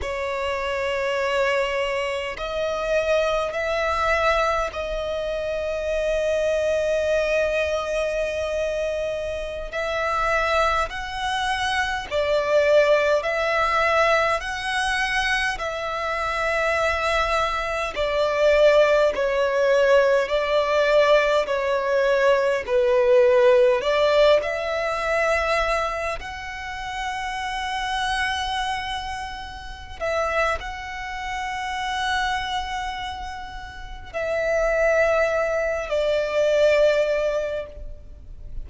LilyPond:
\new Staff \with { instrumentName = "violin" } { \time 4/4 \tempo 4 = 51 cis''2 dis''4 e''4 | dis''1~ | dis''16 e''4 fis''4 d''4 e''8.~ | e''16 fis''4 e''2 d''8.~ |
d''16 cis''4 d''4 cis''4 b'8.~ | b'16 d''8 e''4. fis''4.~ fis''16~ | fis''4. e''8 fis''2~ | fis''4 e''4. d''4. | }